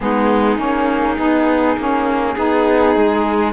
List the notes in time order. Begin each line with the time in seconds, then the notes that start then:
0.00 G#3 B3 D#4 G#4
0.57 A#3 C#4
1.16 B3 D#4
1.77 A#3 C#4
2.35 B3 D#4 G#4
2.95 G#3